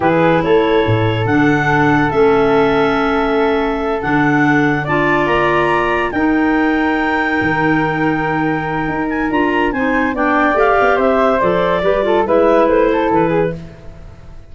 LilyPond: <<
  \new Staff \with { instrumentName = "clarinet" } { \time 4/4 \tempo 4 = 142 b'4 cis''2 fis''4~ | fis''4 e''2.~ | e''4. fis''2 a''8~ | a''8 ais''2 g''4.~ |
g''1~ | g''4. gis''8 ais''4 gis''4 | g''4 f''4 e''4 d''4~ | d''4 e''4 c''4 b'4 | }
  \new Staff \with { instrumentName = "flute" } { \time 4/4 gis'4 a'2.~ | a'1~ | a'2.~ a'8 d''8~ | d''2~ d''8 ais'4.~ |
ais'1~ | ais'2. c''4 | d''2 c''2 | b'8 a'8 b'4. a'4 gis'8 | }
  \new Staff \with { instrumentName = "clarinet" } { \time 4/4 e'2. d'4~ | d'4 cis'2.~ | cis'4. d'2 f'8~ | f'2~ f'8 dis'4.~ |
dis'1~ | dis'2 f'4 dis'4 | d'4 g'2 a'4 | g'8 f'8 e'2. | }
  \new Staff \with { instrumentName = "tuba" } { \time 4/4 e4 a4 a,4 d4~ | d4 a2.~ | a4. d2 d'8~ | d'8 ais2 dis'4.~ |
dis'4. dis2~ dis8~ | dis4 dis'4 d'4 c'4 | b4 a8 b8 c'4 f4 | g4 gis4 a4 e4 | }
>>